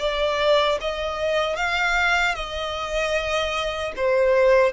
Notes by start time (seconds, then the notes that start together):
0.00 D5
0.81 D#5
1.57 F5
2.35 D#5
3.97 C5